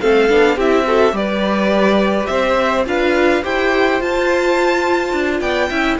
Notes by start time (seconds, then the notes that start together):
0.00 A3 C4 A4 F5
0.28 B3 D4
0.56 C4 E4 G4 E5
0.85 F#4 A4
1.12 G3 G4 B4 D5
2.26 C4 C5 E5
2.85 D4 F4 B4 F5
3.42 E4 G4 C5 G5
4.00 F4 A5
5.12 D4
5.40 B3 D5 G5
5.69 C#4 E4 E5